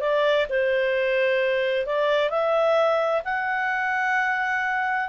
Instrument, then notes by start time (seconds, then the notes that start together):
clarinet
0.00 D5
0.49 C5
1.86 D5
2.30 E5
3.25 F#5